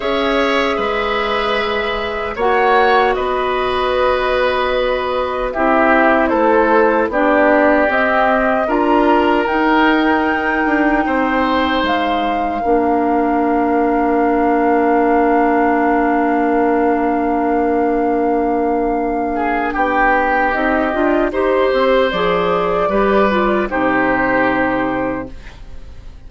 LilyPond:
<<
  \new Staff \with { instrumentName = "flute" } { \time 4/4 \tempo 4 = 76 e''2. fis''4 | dis''2. e''4 | c''4 d''4 dis''4 ais''4 | g''2. f''4~ |
f''1~ | f''1~ | f''4 g''4 dis''4 c''4 | d''2 c''2 | }
  \new Staff \with { instrumentName = "oboe" } { \time 4/4 cis''4 b'2 cis''4 | b'2. g'4 | a'4 g'2 ais'4~ | ais'2 c''2 |
ais'1~ | ais'1~ | ais'8 gis'8 g'2 c''4~ | c''4 b'4 g'2 | }
  \new Staff \with { instrumentName = "clarinet" } { \time 4/4 gis'2. fis'4~ | fis'2. e'4~ | e'4 d'4 c'4 f'4 | dis'1 |
d'1~ | d'1~ | d'2 dis'8 f'8 g'4 | gis'4 g'8 f'8 dis'2 | }
  \new Staff \with { instrumentName = "bassoon" } { \time 4/4 cis'4 gis2 ais4 | b2. c'4 | a4 b4 c'4 d'4 | dis'4. d'8 c'4 gis4 |
ais1~ | ais1~ | ais4 b4 c'8 d'8 dis'8 c'8 | f4 g4 c2 | }
>>